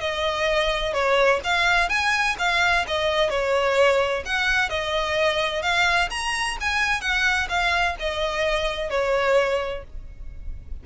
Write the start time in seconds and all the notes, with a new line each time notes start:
0.00 D#5
0.94 C#5
1.44 F5
1.89 G#5
2.38 F5
2.87 D#5
3.30 C#5
4.25 F#5
4.69 D#5
5.62 F5
6.10 A#5
6.61 G#5
7.01 F#5
7.49 F5
8.00 D#5
8.90 C#5